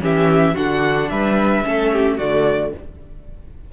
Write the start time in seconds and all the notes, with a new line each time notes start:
0.00 E3 C#4 G4 E5
0.54 D3 D4 F#4 F#5
1.09 G3 B4 E5
1.64 A3 C#4 A4
1.92 G4
2.17 D3 A3 F#4 D5